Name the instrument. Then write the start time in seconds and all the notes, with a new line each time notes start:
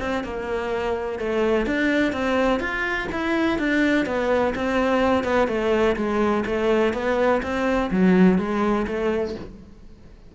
cello
0.00 C4
0.24 A#3
1.19 A3
1.66 D4
2.13 C4
2.60 F4
3.12 E4
3.59 D4
4.06 B3
4.55 C4
5.24 B3
5.48 A3
5.96 G#3
6.46 A3
6.93 B3
7.42 C4
7.91 F#3
8.38 G#3
8.87 A3